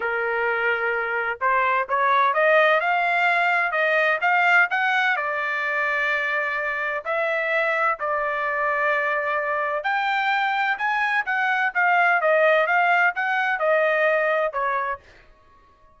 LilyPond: \new Staff \with { instrumentName = "trumpet" } { \time 4/4 \tempo 4 = 128 ais'2. c''4 | cis''4 dis''4 f''2 | dis''4 f''4 fis''4 d''4~ | d''2. e''4~ |
e''4 d''2.~ | d''4 g''2 gis''4 | fis''4 f''4 dis''4 f''4 | fis''4 dis''2 cis''4 | }